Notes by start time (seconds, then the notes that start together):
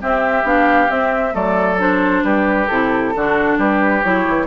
0.00 C4 G4 E5
0.43 B3 D4 F5
0.88 C4 E5
1.32 F#3 A3 A4 D5
1.79 D4 C5
2.24 G3 G4 B4
2.68 C3 E4 A4
3.16 D3 D4 F#4
3.58 G3 G4 B4
4.03 F#3 E4 C#5
4.28 E3